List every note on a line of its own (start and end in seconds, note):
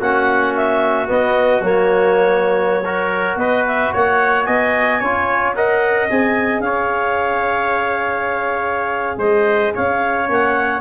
0.00 1.09 A#3
0.00 1.07 C#4
0.00 2.84 F#4
0.00 0.55 F#5
0.55 1.09 E5
1.07 1.61 B3
1.07 1.64 D#5
1.61 3.36 F#3
1.61 2.84 A#3
1.61 3.38 C#5
2.85 5.01 F#4
2.85 3.39 A#4
3.36 3.90 B3
3.36 3.93 B4
3.36 3.65 D#5
3.67 3.94 E5
3.93 4.47 A#3
3.93 4.46 C#5
3.93 4.44 F#5
4.44 5.01 B3
4.44 5.00 D#5
4.44 5.52 G#5
5.00 6.09 C#4
5.00 5.55 F4
5.00 5.54 C#5
5.55 6.09 A#4
5.55 6.64 D#5
5.55 6.09 F#5
6.09 6.60 C4
6.09 10.26 G#4
6.09 6.60 G#5
6.60 9.17 C#4
6.60 9.18 C#5
6.60 9.17 F5
9.17 9.71 G#3
9.17 9.72 C5
9.17 9.74 D#5
9.74 10.29 C#4
9.74 10.81 C#5
9.74 10.29 F5
10.26 10.81 A#3
10.26 10.80 C#4
10.26 10.81 F#5